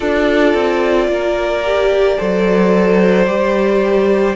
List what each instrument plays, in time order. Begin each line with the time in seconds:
0.00 cello D4, viola F4, violin A4 D5
0.54 cello C4
1.08 cello A#3, violin A#4
1.64 viola G4
2.17 cello F#3, viola A4, violin C5
3.26 cello G3, viola G4